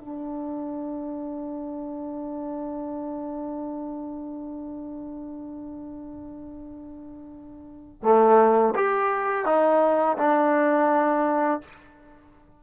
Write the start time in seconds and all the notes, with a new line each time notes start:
0.00 D4
8.03 A3
8.76 G4
9.46 D#4
10.18 D4